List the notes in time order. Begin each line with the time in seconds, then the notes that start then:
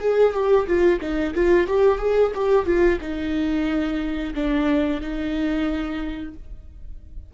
0.00 G#4
0.33 G4
0.67 F4
1.01 D#4
1.35 F4
1.67 G4
1.99 G#4
2.35 G4
2.66 F4
3.01 D#4
4.35 D4
5.01 D#4